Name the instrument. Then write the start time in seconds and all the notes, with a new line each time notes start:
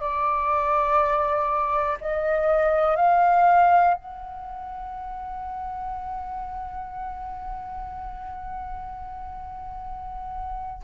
flute
0.00 D5
2.01 D#5
2.96 F5
3.93 F#5